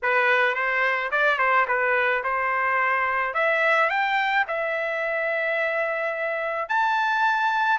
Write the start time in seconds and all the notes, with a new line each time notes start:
0.02 B4
0.54 C5
1.11 D5
1.38 C5
1.67 B4
2.23 C5
3.34 E5
3.89 G5
4.47 E5
6.68 A5